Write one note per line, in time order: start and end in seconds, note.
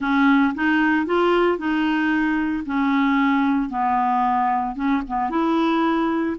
0.00 0.54 C#4
0.54 1.05 D#4
1.05 1.57 F4
1.57 2.64 D#4
2.65 3.69 C#4
3.69 4.75 B3
4.75 5.02 C#4
5.07 5.30 B3
5.30 6.36 E4